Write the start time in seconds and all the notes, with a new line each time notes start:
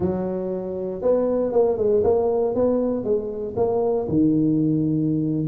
0.00 F#3
1.01 B3
1.52 A#3
1.77 G#3
2.03 A#3
2.54 B3
3.04 G#3
3.56 A#3
4.08 D#3